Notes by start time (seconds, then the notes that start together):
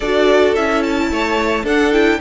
0.00 D4 F#4 A4 D5
0.55 C#4 E4 E5
0.82 A5
1.11 A3 C#5
1.63 D4 A4 F#5
1.92 E4 G5